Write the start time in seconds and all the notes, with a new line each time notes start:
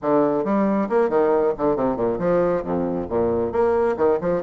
0.02 D3
0.44 G3
0.89 A#3
1.09 D#3
1.57 D3
1.75 C3
1.96 A#2
2.19 F3
2.63 F2
3.09 A#2
3.52 A#3
3.96 D#3
4.21 F3